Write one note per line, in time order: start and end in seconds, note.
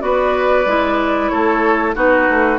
0.00 0.66 B3
0.00 0.65 F#4
0.00 1.32 B4
0.00 1.28 D5
0.66 1.30 G#3
0.66 1.95 E4
1.28 1.96 A3
1.28 1.96 A4
1.28 1.93 C#5
1.95 2.28 B3
1.95 2.59 D#4
1.95 2.59 F#4
1.95 2.59 B4
2.30 2.59 A3